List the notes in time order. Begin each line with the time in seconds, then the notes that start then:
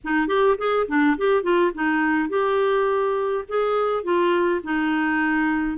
0.04 D#4
0.27 G4
0.58 G#4
0.88 D4
1.17 G4
1.43 F4
1.74 D#4
2.29 G4
3.48 G#4
4.03 F4
4.63 D#4